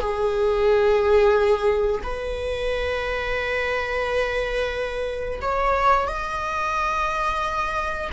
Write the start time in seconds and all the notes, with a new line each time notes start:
0.00 G#4
2.03 B4
5.42 C#5
6.08 D#5